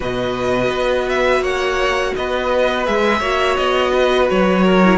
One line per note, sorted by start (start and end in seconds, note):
0.00 0.68 B2
0.00 2.85 F#4
0.00 1.42 B4
0.00 1.08 D#5
0.68 1.40 B3
1.08 1.43 E5
1.40 2.11 A#3
1.40 2.13 C#5
1.40 2.14 F#5
2.15 2.87 B3
2.15 3.19 B4
2.15 2.86 D#5
2.85 3.20 G#3
2.85 3.21 G#4
2.85 3.56 E5
3.19 3.56 A#3
3.19 4.82 F#4
3.19 3.91 C#5
3.56 4.29 B3
3.56 4.27 D#5
3.93 4.64 B4
4.29 4.98 F#3
4.29 4.98 C#5
4.64 4.98 A#4
4.83 4.98 E4